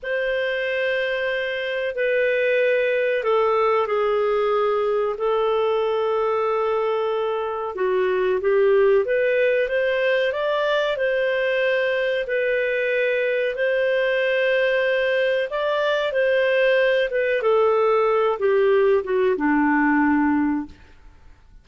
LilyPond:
\new Staff \with { instrumentName = "clarinet" } { \time 4/4 \tempo 4 = 93 c''2. b'4~ | b'4 a'4 gis'2 | a'1 | fis'4 g'4 b'4 c''4 |
d''4 c''2 b'4~ | b'4 c''2. | d''4 c''4. b'8 a'4~ | a'8 g'4 fis'8 d'2 | }